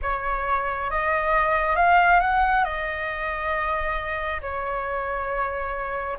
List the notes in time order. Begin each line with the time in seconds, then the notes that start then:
0.02 C#5
0.90 D#5
1.76 F5
2.20 F#5
2.64 D#5
4.41 C#5